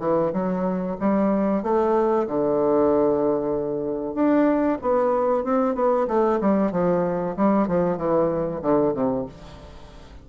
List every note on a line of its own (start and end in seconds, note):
0.00 0.32 E3
0.33 0.97 F#3
1.00 1.63 G3
1.63 2.27 A3
2.28 4.15 D3
4.15 4.78 D4
4.82 5.44 B3
5.44 5.75 C4
5.75 6.07 B3
6.08 6.40 A3
6.41 6.72 G3
6.72 7.36 F3
7.37 7.68 G3
7.68 7.98 F3
7.98 8.61 E3
8.62 8.94 D3
8.94 9.26 C3